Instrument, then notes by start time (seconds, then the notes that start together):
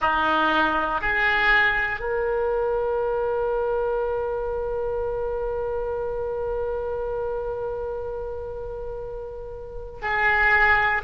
oboe
0.01 D#4
1.00 G#4
2.00 A#4
10.01 G#4